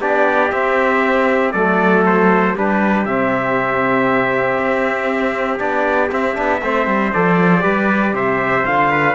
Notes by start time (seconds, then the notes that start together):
0.00 B3 D4 G4 D5
0.51 C4 E5
1.52 F#3 A3 A4 D5
2.06 C5
2.55 G3 D4 G4 B4
3.05 C3 C4 E5
4.58 C4
5.58 B3 D4 D5
6.11 C4 E5
6.34 B3 D4
6.62 A3 C4 C5
6.86 G3
7.13 F3 A4 D5
7.60 G3 G4 B4
8.13 C3 C5 E5
8.65 D3 F4 F5
8.91 B4